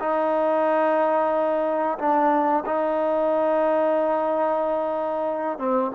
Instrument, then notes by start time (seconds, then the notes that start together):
trombone
0.00 D#4
1.98 D4
2.66 D#4
5.59 C4